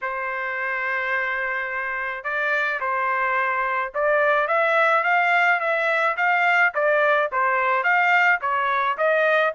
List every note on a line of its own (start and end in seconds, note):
0.01 2.24 C5
2.24 2.80 D5
2.80 3.92 C5
3.94 4.47 D5
4.47 5.03 E5
5.03 5.59 F5
5.60 6.16 E5
6.17 6.73 F5
6.74 7.30 D5
7.32 7.83 C5
7.83 8.39 F5
8.41 8.97 C#5
8.97 9.53 D#5